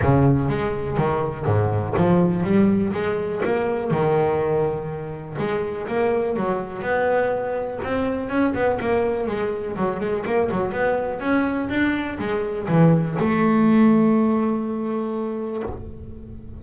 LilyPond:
\new Staff \with { instrumentName = "double bass" } { \time 4/4 \tempo 4 = 123 cis4 gis4 dis4 gis,4 | f4 g4 gis4 ais4 | dis2. gis4 | ais4 fis4 b2 |
c'4 cis'8 b8 ais4 gis4 | fis8 gis8 ais8 fis8 b4 cis'4 | d'4 gis4 e4 a4~ | a1 | }